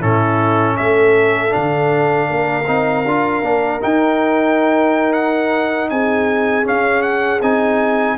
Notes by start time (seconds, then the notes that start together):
0.00 A2 C#4 E4 A4
0.77 A3 A4 E5
1.50 D4 F5
1.56 D3
2.30 A#3 A#4
2.67 C4 D#4
3.06 D4 F4
3.43 A#3 D4
3.81 D#4 G5
5.13 F#5
5.90 C4 G#4 G#5
6.64 C#4 F5
7.03 F#5
7.41 C4 D#4 G#5